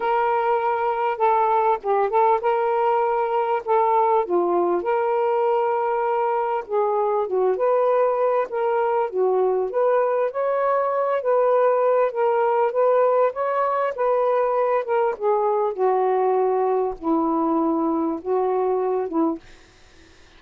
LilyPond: \new Staff \with { instrumentName = "saxophone" } { \time 4/4 \tempo 4 = 99 ais'2 a'4 g'8 a'8 | ais'2 a'4 f'4 | ais'2. gis'4 | fis'8 b'4. ais'4 fis'4 |
b'4 cis''4. b'4. | ais'4 b'4 cis''4 b'4~ | b'8 ais'8 gis'4 fis'2 | e'2 fis'4. e'8 | }